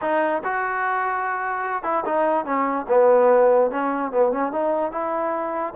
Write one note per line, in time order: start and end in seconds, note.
0.01 0.42 D#4
0.44 1.83 F#4
1.83 2.03 E4
2.05 2.45 D#4
2.45 2.86 C#4
2.88 3.70 B3
3.70 4.11 C#4
4.11 4.32 B3
4.32 4.52 C#4
4.52 4.91 D#4
4.91 5.73 E4